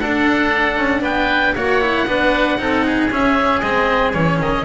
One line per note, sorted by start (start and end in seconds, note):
0.00 0.78 D4
0.00 1.57 D4
0.00 1.02 A4
0.00 1.03 F#5
0.78 1.02 C#4
1.02 1.54 B3
1.02 1.54 B4
1.02 1.55 G5
1.55 2.05 A#3
1.55 1.81 F#4
1.55 2.07 C#5
1.55 3.11 F#5
1.81 2.07 E4
2.05 2.57 B3
2.05 2.59 D4
2.05 2.59 B4
2.58 3.09 C4
2.58 3.10 D#4
2.58 2.85 A4
2.85 4.66 G#4
3.11 3.62 C#4
3.11 3.60 E5
3.60 4.14 G#3
3.60 4.14 C4
3.60 4.12 D#5
4.12 4.40 E3
4.12 4.65 C#4
4.12 4.38 C#5
4.40 4.66 D#3
4.40 4.66 D#5